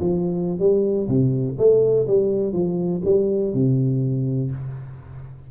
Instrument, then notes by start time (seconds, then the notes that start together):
tuba
0.00 F3
0.59 G3
1.08 C3
1.58 A3
2.07 G3
2.53 F3
3.05 G3
3.54 C3